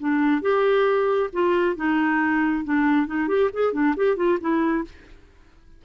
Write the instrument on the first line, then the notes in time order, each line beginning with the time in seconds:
clarinet
0.00 D4
0.42 G4
1.33 F4
1.77 D#4
2.65 D4
3.07 D#4
3.29 G4
3.54 G#4
3.73 D4
3.97 G4
4.17 F4
4.41 E4